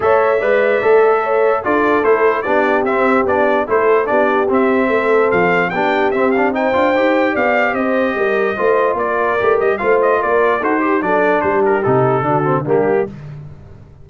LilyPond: <<
  \new Staff \with { instrumentName = "trumpet" } { \time 4/4 \tempo 4 = 147 e''1 | d''4 c''4 d''4 e''4 | d''4 c''4 d''4 e''4~ | e''4 f''4 g''4 e''8 f''8 |
g''2 f''4 dis''4~ | dis''2 d''4. dis''8 | f''8 dis''8 d''4 c''4 d''4 | c''8 ais'8 a'2 g'4 | }
  \new Staff \with { instrumentName = "horn" } { \time 4/4 cis''4 d''2 cis''4 | a'2 g'2~ | g'4 a'4 g'2 | a'2 g'2 |
c''2 d''4 c''4 | ais'4 c''4 ais'2 | c''4 ais'4 a'8 g'8 a'4 | g'2 fis'4 d'4 | }
  \new Staff \with { instrumentName = "trombone" } { \time 4/4 a'4 b'4 a'2 | f'4 e'4 d'4 c'4 | d'4 e'4 d'4 c'4~ | c'2 d'4 c'8 d'8 |
dis'8 f'8 g'2.~ | g'4 f'2 g'4 | f'2 fis'8 g'8 d'4~ | d'4 dis'4 d'8 c'8 ais4 | }
  \new Staff \with { instrumentName = "tuba" } { \time 4/4 a4 gis4 a2 | d'4 a4 b4 c'4 | b4 a4 b4 c'4 | a4 f4 b4 c'4~ |
c'8 d'8 dis'4 b4 c'4 | g4 a4 ais4 a8 g8 | a4 ais4 dis'4 fis4 | g4 c4 d4 g4 | }
>>